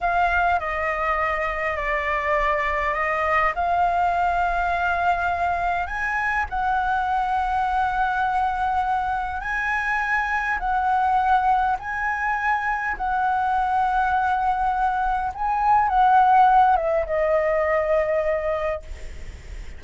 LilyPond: \new Staff \with { instrumentName = "flute" } { \time 4/4 \tempo 4 = 102 f''4 dis''2 d''4~ | d''4 dis''4 f''2~ | f''2 gis''4 fis''4~ | fis''1 |
gis''2 fis''2 | gis''2 fis''2~ | fis''2 gis''4 fis''4~ | fis''8 e''8 dis''2. | }